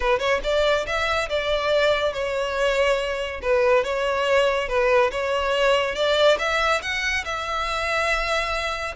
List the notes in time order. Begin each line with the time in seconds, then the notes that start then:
0.00 B4
0.19 C#5
0.43 D5
0.86 E5
1.29 D5
2.13 C#5
3.42 B4
3.83 C#5
4.68 B4
5.11 C#5
5.95 D5
6.38 E5
6.82 F#5
7.24 E5